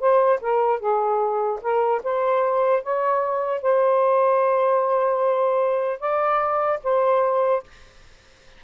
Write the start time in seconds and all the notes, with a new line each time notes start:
0.00 C5
0.41 A#4
0.80 G#4
1.62 A#4
2.04 C5
2.83 C#5
3.62 C5
6.00 D5
6.84 C5